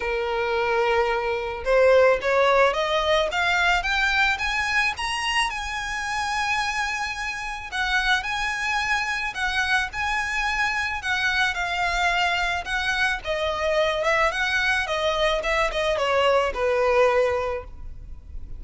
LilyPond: \new Staff \with { instrumentName = "violin" } { \time 4/4 \tempo 4 = 109 ais'2. c''4 | cis''4 dis''4 f''4 g''4 | gis''4 ais''4 gis''2~ | gis''2 fis''4 gis''4~ |
gis''4 fis''4 gis''2 | fis''4 f''2 fis''4 | dis''4. e''8 fis''4 dis''4 | e''8 dis''8 cis''4 b'2 | }